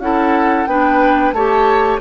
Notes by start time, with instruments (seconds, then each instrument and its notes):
0.00 bassoon C#4, clarinet E4, oboe A4, flute F#5
0.66 bassoon B3, clarinet D4, oboe B4, flute G5
1.32 bassoon A3, clarinet G4, oboe C#5, flute A5